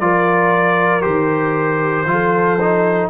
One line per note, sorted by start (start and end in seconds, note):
0.00 1.04 F3
0.00 1.01 F4
0.00 2.09 A#4
0.00 1.01 D5
1.01 2.05 D#3
1.01 2.05 G4
1.01 3.08 C5
2.05 3.09 F3
2.05 2.59 F4
2.05 3.10 A4
2.60 3.10 D#4